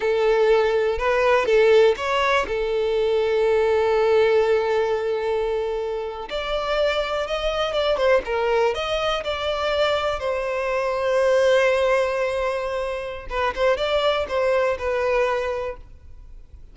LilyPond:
\new Staff \with { instrumentName = "violin" } { \time 4/4 \tempo 4 = 122 a'2 b'4 a'4 | cis''4 a'2.~ | a'1~ | a'8. d''2 dis''4 d''16~ |
d''16 c''8 ais'4 dis''4 d''4~ d''16~ | d''8. c''2.~ c''16~ | c''2. b'8 c''8 | d''4 c''4 b'2 | }